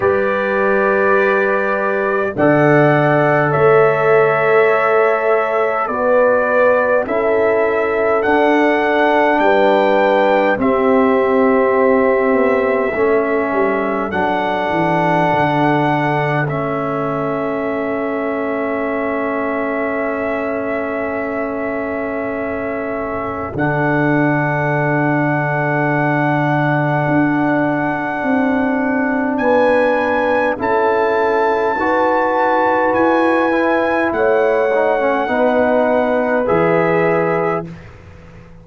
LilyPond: <<
  \new Staff \with { instrumentName = "trumpet" } { \time 4/4 \tempo 4 = 51 d''2 fis''4 e''4~ | e''4 d''4 e''4 fis''4 | g''4 e''2. | fis''2 e''2~ |
e''1 | fis''1~ | fis''4 gis''4 a''2 | gis''4 fis''2 e''4 | }
  \new Staff \with { instrumentName = "horn" } { \time 4/4 b'2 d''4 cis''4~ | cis''4 b'4 a'2 | b'4 g'2 a'4~ | a'1~ |
a'1~ | a'1~ | a'4 b'4 a'4 b'4~ | b'4 cis''4 b'2 | }
  \new Staff \with { instrumentName = "trombone" } { \time 4/4 g'2 a'2~ | a'4 fis'4 e'4 d'4~ | d'4 c'2 cis'4 | d'2 cis'2~ |
cis'1 | d'1~ | d'2 e'4 fis'4~ | fis'8 e'4 dis'16 cis'16 dis'4 gis'4 | }
  \new Staff \with { instrumentName = "tuba" } { \time 4/4 g2 d4 a4~ | a4 b4 cis'4 d'4 | g4 c'4. b8 a8 g8 | fis8 e8 d4 a2~ |
a1 | d2. d'4 | c'4 b4 cis'4 dis'4 | e'4 a4 b4 e4 | }
>>